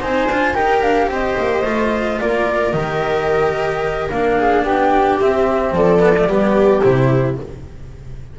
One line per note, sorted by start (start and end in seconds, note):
0.00 0.26 C4
0.00 0.28 D#4
0.00 0.54 C5
0.00 0.55 G#5
0.26 0.54 D4
0.26 0.54 F4
0.54 0.82 D#4
0.54 1.63 G4
0.54 1.08 A#4
0.54 0.82 G5
0.82 1.07 D4
0.82 1.09 F5
1.07 1.34 C4
1.07 2.20 C5
1.07 2.20 D#5
1.38 1.64 A#3
1.64 2.19 A3
1.64 2.73 F4
2.20 2.73 A#3
2.20 4.38 A#4
2.20 2.72 D5
2.72 4.09 D#3
2.72 4.09 G4
2.72 4.08 D#5
4.09 4.64 A#3
4.09 5.20 D4
4.09 4.64 F5
4.38 4.63 G#4
4.63 5.18 B3
4.63 5.72 G4
4.63 5.19 G5
5.20 5.99 C4
5.20 5.71 C4
5.20 5.75 E5
5.71 6.26 F3
5.71 6.27 A4
5.71 6.81 D5
5.99 6.13 B3
6.17 6.28 A3
6.26 6.80 G3
6.26 6.81 B3
6.26 7.36 G4
6.81 7.39 C3
6.81 7.35 E4
6.81 7.36 C5